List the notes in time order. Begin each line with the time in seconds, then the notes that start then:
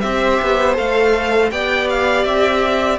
0.00 C4 G4 C5 E5
0.41 B3
0.73 A3 A4 F5
1.51 B3 G4 D5 G5
1.89 F5
2.25 C4 E5